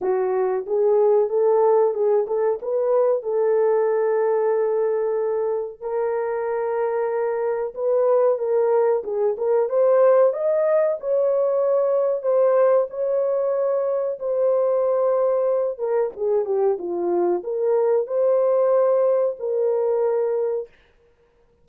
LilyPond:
\new Staff \with { instrumentName = "horn" } { \time 4/4 \tempo 4 = 93 fis'4 gis'4 a'4 gis'8 a'8 | b'4 a'2.~ | a'4 ais'2. | b'4 ais'4 gis'8 ais'8 c''4 |
dis''4 cis''2 c''4 | cis''2 c''2~ | c''8 ais'8 gis'8 g'8 f'4 ais'4 | c''2 ais'2 | }